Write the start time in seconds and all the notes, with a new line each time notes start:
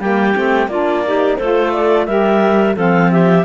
0.00 G3 A#3 G4 G5
0.35 A3 C4
0.68 A#3 D4 F4 D5
1.06 D#4 G4
1.37 A3 F4 A4 C5
1.72 D5
2.06 G3 G4 A#4 E5
2.75 F3 C4 A4 F5
3.11 G4 E5